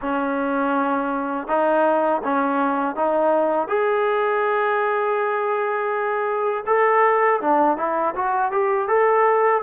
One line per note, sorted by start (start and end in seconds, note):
0.01 1.47 C#4
1.47 2.21 D#4
2.24 2.95 C#4
2.95 3.68 D#4
3.68 6.64 G#4
6.66 7.40 A4
7.40 7.77 D4
7.77 8.14 E4
8.15 8.51 F#4
8.51 8.88 G4
8.88 9.62 A4